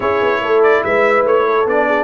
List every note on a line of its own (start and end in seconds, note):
0.00 0.21 C#4
0.00 1.66 E4
0.00 0.41 G#4
0.00 0.62 C#5
0.21 0.41 B3
0.41 0.83 A3
0.41 0.84 A4
0.62 0.83 D5
0.84 1.24 G#3
0.84 1.46 B4
0.84 1.25 E5
1.24 1.65 A3
1.24 1.68 C#5
1.46 1.87 A4
1.65 2.03 B3
1.65 2.03 D4
1.65 2.03 D5
1.87 2.03 G#4